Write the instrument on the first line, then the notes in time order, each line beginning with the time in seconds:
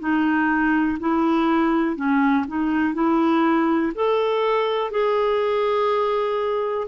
clarinet
0.00 D#4
1.00 E4
1.96 C#4
2.48 D#4
2.94 E4
3.95 A4
4.91 G#4